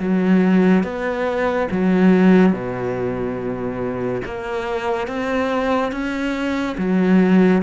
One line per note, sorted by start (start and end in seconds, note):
0.00 0.84 F#3
0.84 1.68 B3
1.71 2.53 F#3
2.53 4.22 B2
4.25 5.08 A#3
5.08 5.92 C4
5.92 6.77 C#4
6.78 7.62 F#3